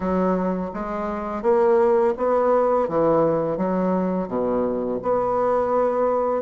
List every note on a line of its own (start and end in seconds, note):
0.00 0.71 F#3
0.73 1.42 G#3
1.42 2.14 A#3
2.17 2.88 B3
2.88 3.57 E3
3.57 4.28 F#3
4.28 4.99 B2
5.02 6.42 B3